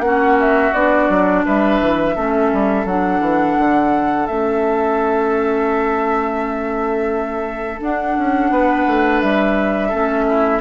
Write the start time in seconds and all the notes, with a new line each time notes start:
0.00 A#3 C#4 F#4 F#5
0.40 E5
0.73 B3 D4 D5
1.09 F#3
1.45 G3 B4 E5
1.80 E3
2.15 A3 C#4 A4
2.53 G3
2.85 F#3 D4 F#5
3.20 E3
3.58 D3
4.26 A3 C#4 E5
7.81 D4 F#5
8.18 C#4
8.50 B3 B4
8.87 A3
9.21 G3 E5
9.89 A3 C#4 A4
10.28 E4